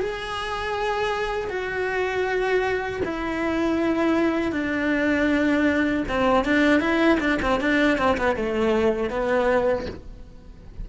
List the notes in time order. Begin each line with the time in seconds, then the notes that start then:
0.00 G#4
1.49 F#4
3.05 E4
4.52 D4
6.08 C4
6.45 D4
6.80 E4
7.20 D4
7.42 C4
7.61 D4
7.98 C4
8.17 B3
8.36 A3
9.10 B3